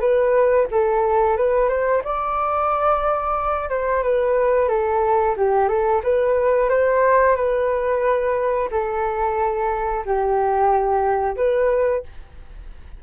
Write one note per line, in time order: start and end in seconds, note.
0.00 0.67 B4
0.71 1.37 A4
1.37 1.69 B4
1.69 2.02 C5
2.04 3.69 D5
3.69 4.02 C5
4.03 4.68 B4
4.68 5.35 A4
5.36 5.68 G4
5.68 6.01 A4
6.03 6.69 B4
6.69 7.35 C5
7.35 8.69 B4
8.71 10.04 A4
10.05 11.36 G4
11.36 12.03 B4